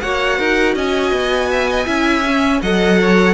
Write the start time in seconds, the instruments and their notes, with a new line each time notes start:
0.00 cello A#3, viola F#4, violin C#5 F#5
0.38 cello D#4, violin A#4
0.75 cello C#4, violin D#5 G#5
1.12 cello B3
1.51 violin E5
1.70 violin D#5
1.85 cello C#4, viola E4, violin E5
2.26 viola C#4
2.61 cello F#3, viola A4, violin D#5 F#5
3.01 violin C#5